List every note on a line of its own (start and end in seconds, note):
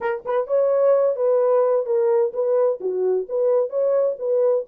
0.00 0.23 A#4
0.25 0.47 B4
0.47 1.16 C#5
1.16 1.85 B4
1.85 2.32 A#4
2.33 2.79 B4
2.80 3.26 F#4
3.29 3.69 B4
3.69 4.16 C#5
4.19 4.65 B4